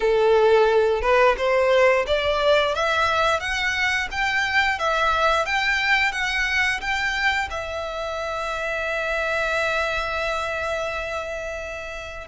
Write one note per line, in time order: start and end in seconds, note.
0.00 1.01 A4
1.01 1.35 B4
1.37 2.05 C5
2.06 2.74 D5
2.74 3.40 E5
3.40 4.08 F#5
4.11 4.78 G5
4.78 5.45 E5
5.45 6.12 G5
6.12 6.80 F#5
6.80 7.48 G5
7.50 12.27 E5